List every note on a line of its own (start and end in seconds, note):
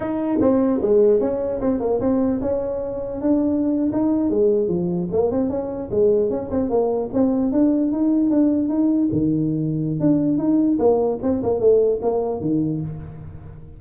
0.00 0.39 D#4
0.41 0.81 C4
0.81 1.20 G#3
1.20 1.60 C#4
1.60 1.79 C4
1.79 1.99 A#3
2.00 2.40 C4
2.41 3.21 C#4
3.21 3.91 D4
3.92 4.29 D#4
4.29 4.67 G#3
4.67 5.07 F3
5.11 5.31 A#3
5.31 5.49 C4
5.49 5.89 C#4
5.91 6.30 G#3
6.30 6.50 C#4
6.50 6.69 C4
6.69 7.09 A#3
7.13 7.51 C4
7.51 7.91 D4
7.92 8.30 D#4
8.30 8.69 D4
8.69 9.09 D#4
9.12 9.99 D#3
9.99 10.37 D4
10.37 10.77 D#4
10.78 11.18 A#3
11.22 11.42 C4
11.42 11.60 A#3
11.60 12.00 A3
12.01 12.41 A#3
12.41 12.81 D#3